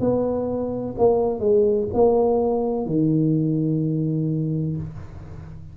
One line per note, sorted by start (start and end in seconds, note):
0.00 0.95 B3
0.98 1.40 A#3
1.40 1.87 G#3
1.94 2.86 A#3
2.86 4.77 D#3